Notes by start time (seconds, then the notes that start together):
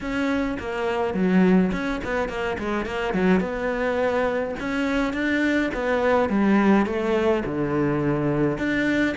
0.00 C#4
0.59 A#3
1.14 F#3
1.72 C#4
2.04 B3
2.28 A#3
2.58 G#3
2.85 A#3
3.13 F#3
3.40 B3
4.59 C#4
5.13 D4
5.74 B3
6.29 G3
6.86 A3
7.45 D3
8.57 D4